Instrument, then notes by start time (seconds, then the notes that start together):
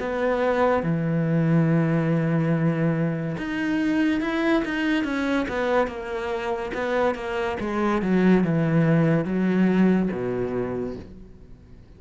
cello
0.00 B3
0.83 E3
3.38 D#4
4.21 E4
4.65 D#4
5.05 C#4
5.49 B3
5.88 A#3
6.75 B3
7.15 A#3
7.61 G#3
8.02 F#3
8.44 E3
9.25 F#3
10.12 B2